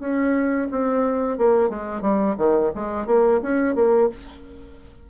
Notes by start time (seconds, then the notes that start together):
0.00 C#4
0.72 C4
1.39 A#3
1.70 G#3
2.02 G3
2.38 D#3
2.76 G#3
3.07 A#3
3.42 C#4
3.76 A#3